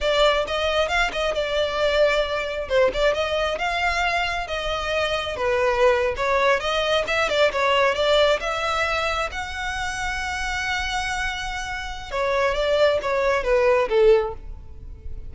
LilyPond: \new Staff \with { instrumentName = "violin" } { \time 4/4 \tempo 4 = 134 d''4 dis''4 f''8 dis''8 d''4~ | d''2 c''8 d''8 dis''4 | f''2 dis''2 | b'4.~ b'16 cis''4 dis''4 e''16~ |
e''16 d''8 cis''4 d''4 e''4~ e''16~ | e''8. fis''2.~ fis''16~ | fis''2. cis''4 | d''4 cis''4 b'4 a'4 | }